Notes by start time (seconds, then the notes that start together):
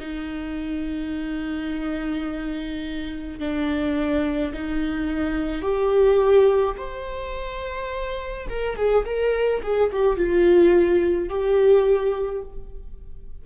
0.00 D#4
3.40 D4
4.53 D#4
5.62 G4
6.78 C5
8.50 A#4
8.76 G#4
9.05 A#4
9.63 G#4
9.93 G4
10.17 F4
11.29 G4